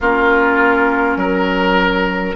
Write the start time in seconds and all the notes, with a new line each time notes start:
0.00 A#3 C#4 F4 A#4
1.16 F#3 A#4